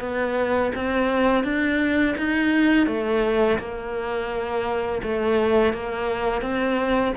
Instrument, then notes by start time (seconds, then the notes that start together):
cello
0.00 B3
0.75 C4
1.44 D4
2.18 D#4
2.87 A3
3.59 A#3
5.03 A3
5.73 A#3
6.42 C4